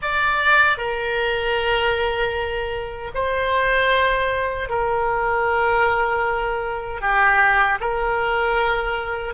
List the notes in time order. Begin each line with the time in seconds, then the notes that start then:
0.02 D5
0.77 A#4
3.14 C5
4.69 A#4
7.01 G4
7.80 A#4